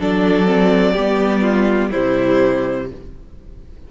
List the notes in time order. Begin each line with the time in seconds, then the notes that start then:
0.00 F#3 D4 A4 D5
0.46 C4
0.93 G3 B3 G4
1.42 F4
1.91 C3 G3 E4 C5